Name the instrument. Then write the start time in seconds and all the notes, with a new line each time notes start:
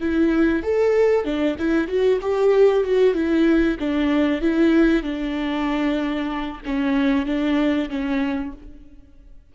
viola
0.00 E4
0.63 A4
1.24 D4
1.58 E4
1.87 F#4
2.21 G4
2.84 F#4
3.14 E4
3.79 D4
4.41 E4
5.03 D4
6.65 C#4
7.25 D4
7.89 C#4